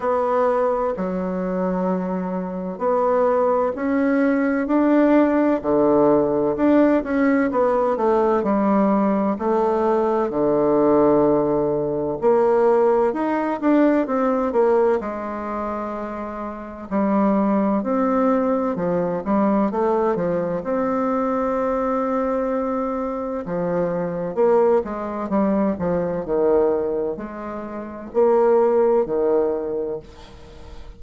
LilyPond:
\new Staff \with { instrumentName = "bassoon" } { \time 4/4 \tempo 4 = 64 b4 fis2 b4 | cis'4 d'4 d4 d'8 cis'8 | b8 a8 g4 a4 d4~ | d4 ais4 dis'8 d'8 c'8 ais8 |
gis2 g4 c'4 | f8 g8 a8 f8 c'2~ | c'4 f4 ais8 gis8 g8 f8 | dis4 gis4 ais4 dis4 | }